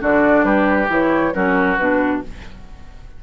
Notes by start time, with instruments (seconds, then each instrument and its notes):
0.00 bassoon D3, clarinet D4, oboe F#4, flute D5
0.44 bassoon G3, oboe G4, flute B4
0.89 bassoon E3, clarinet E4, flute C#5
1.34 bassoon F#3, clarinet C#4, oboe F#4, flute A#4
1.78 bassoon B2, clarinet D4, flute B4